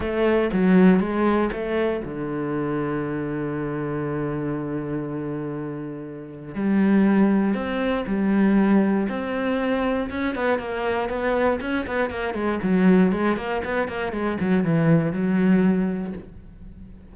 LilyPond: \new Staff \with { instrumentName = "cello" } { \time 4/4 \tempo 4 = 119 a4 fis4 gis4 a4 | d1~ | d1~ | d4 g2 c'4 |
g2 c'2 | cis'8 b8 ais4 b4 cis'8 b8 | ais8 gis8 fis4 gis8 ais8 b8 ais8 | gis8 fis8 e4 fis2 | }